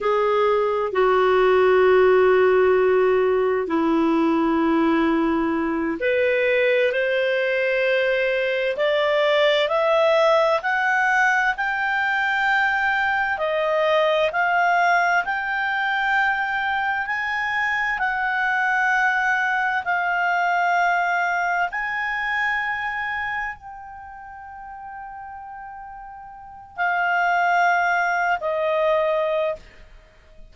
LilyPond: \new Staff \with { instrumentName = "clarinet" } { \time 4/4 \tempo 4 = 65 gis'4 fis'2. | e'2~ e'8 b'4 c''8~ | c''4. d''4 e''4 fis''8~ | fis''8 g''2 dis''4 f''8~ |
f''8 g''2 gis''4 fis''8~ | fis''4. f''2 gis''8~ | gis''4. g''2~ g''8~ | g''4 f''4.~ f''16 dis''4~ dis''16 | }